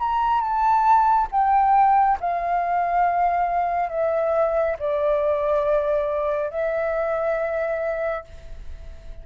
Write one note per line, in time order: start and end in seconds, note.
0.00 0.41 A#5
0.41 1.28 A5
1.32 2.19 G5
2.21 3.90 F5
3.90 4.77 E5
4.79 6.51 D5
6.51 8.25 E5